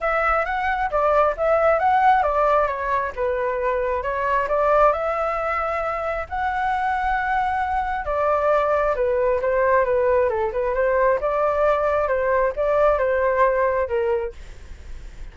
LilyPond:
\new Staff \with { instrumentName = "flute" } { \time 4/4 \tempo 4 = 134 e''4 fis''4 d''4 e''4 | fis''4 d''4 cis''4 b'4~ | b'4 cis''4 d''4 e''4~ | e''2 fis''2~ |
fis''2 d''2 | b'4 c''4 b'4 a'8 b'8 | c''4 d''2 c''4 | d''4 c''2 ais'4 | }